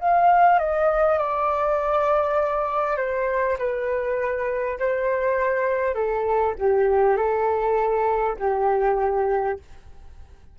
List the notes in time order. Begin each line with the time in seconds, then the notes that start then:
0.00 F5
0.59 D#5
1.19 D5
2.98 C5
3.59 B4
4.79 C5
5.95 A4
6.59 G4
7.17 A4
8.39 G4